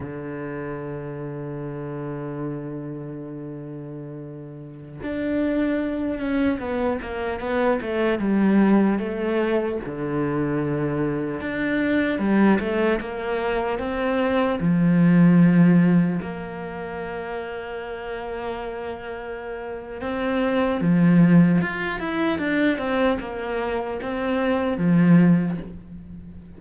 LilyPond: \new Staff \with { instrumentName = "cello" } { \time 4/4 \tempo 4 = 75 d1~ | d2~ d16 d'4. cis'16~ | cis'16 b8 ais8 b8 a8 g4 a8.~ | a16 d2 d'4 g8 a16~ |
a16 ais4 c'4 f4.~ f16~ | f16 ais2.~ ais8.~ | ais4 c'4 f4 f'8 e'8 | d'8 c'8 ais4 c'4 f4 | }